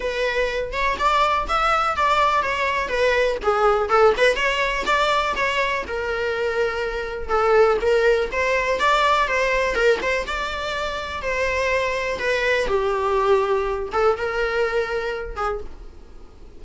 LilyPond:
\new Staff \with { instrumentName = "viola" } { \time 4/4 \tempo 4 = 123 b'4. cis''8 d''4 e''4 | d''4 cis''4 b'4 gis'4 | a'8 b'8 cis''4 d''4 cis''4 | ais'2. a'4 |
ais'4 c''4 d''4 c''4 | ais'8 c''8 d''2 c''4~ | c''4 b'4 g'2~ | g'8 a'8 ais'2~ ais'8 gis'8 | }